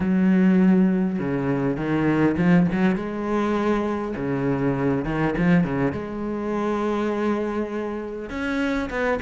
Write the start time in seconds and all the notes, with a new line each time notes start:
0.00 F#3
1.19 C#3
1.76 D#3
2.37 F3
2.72 F#3
2.95 G#3
4.16 C#3
5.04 D#3
5.37 F3
5.64 C#3
5.92 G#3
8.29 C#4
8.89 B3